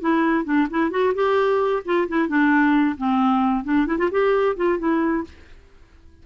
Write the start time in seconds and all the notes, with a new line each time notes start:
0.00 E4
0.44 D4
0.70 E4
0.90 F#4
1.14 G4
1.85 F4
2.08 E4
2.28 D4
2.97 C4
3.64 D4
3.86 E4
3.98 F4
4.11 G4
4.56 F4
4.78 E4